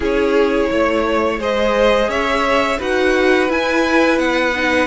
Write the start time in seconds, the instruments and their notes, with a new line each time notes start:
0.00 cello C#4, viola E4, violin G#4 C#5
0.70 cello A3, violin C#5
1.38 cello G#3, viola G#4, violin C5 D#5
2.08 cello C#4, violin C#5 E5
2.78 cello D#4, viola F#4, violin B4 F#5
3.48 viola E4, cello E4, violin G#5
4.18 cello B3, violin F#5
4.55 viola D#4